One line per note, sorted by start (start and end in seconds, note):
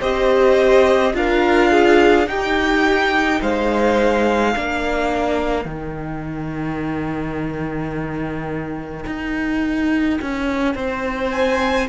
0.00 1.14 C4
0.00 1.14 G4
0.00 1.13 C5
0.00 1.16 D#5
1.14 2.28 D4
1.14 2.26 F4
1.14 1.72 A#4
1.14 2.28 F5
1.72 2.29 G#4
2.26 4.53 D#4
2.26 3.41 D#4
2.26 3.41 G4
2.26 3.42 G5
3.41 4.55 G#3
3.41 4.54 C5
3.41 5.68 F5
4.55 5.65 A#3
4.55 5.64 D4
4.55 10.76 A#4
5.64 9.05 D#3
5.64 11.87 D#4
5.64 11.32 G5
9.07 10.20 D#4
10.22 10.75 C#4
10.75 11.88 C4
10.75 11.89 C5
11.32 11.88 G#5